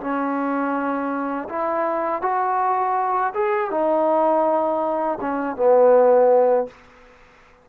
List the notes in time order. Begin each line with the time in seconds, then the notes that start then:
0.00 C#4
1.49 E4
2.22 F#4
3.34 G#4
3.70 D#4
5.21 C#4
5.56 B3